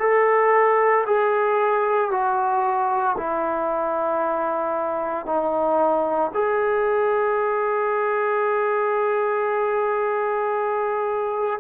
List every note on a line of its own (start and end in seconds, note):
0.00 1.05 A4
1.07 2.11 G#4
2.11 3.17 F#4
3.18 5.26 E4
5.26 6.32 D#4
6.34 11.60 G#4